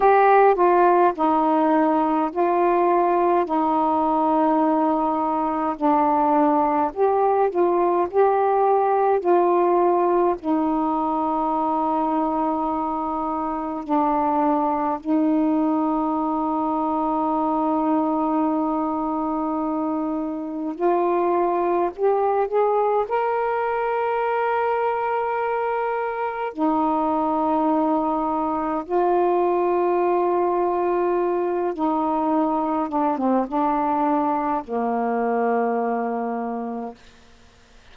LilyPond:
\new Staff \with { instrumentName = "saxophone" } { \time 4/4 \tempo 4 = 52 g'8 f'8 dis'4 f'4 dis'4~ | dis'4 d'4 g'8 f'8 g'4 | f'4 dis'2. | d'4 dis'2.~ |
dis'2 f'4 g'8 gis'8 | ais'2. dis'4~ | dis'4 f'2~ f'8 dis'8~ | dis'8 d'16 c'16 d'4 ais2 | }